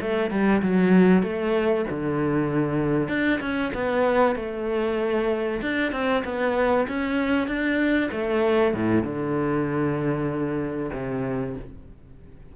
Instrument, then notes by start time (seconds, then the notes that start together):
cello
0.00 A3
0.30 G3
0.62 F#3
1.22 A3
1.90 D3
3.08 D4
3.40 C#4
3.74 B3
4.35 A3
5.61 D4
5.91 C4
6.24 B3
6.88 C#4
7.47 D4
8.11 A3
8.74 A2
9.03 D3
10.93 C3